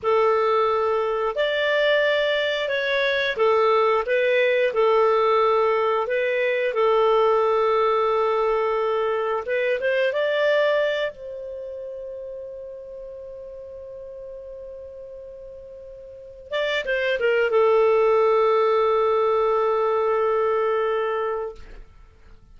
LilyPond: \new Staff \with { instrumentName = "clarinet" } { \time 4/4 \tempo 4 = 89 a'2 d''2 | cis''4 a'4 b'4 a'4~ | a'4 b'4 a'2~ | a'2 b'8 c''8 d''4~ |
d''8 c''2.~ c''8~ | c''1~ | c''8 d''8 c''8 ais'8 a'2~ | a'1 | }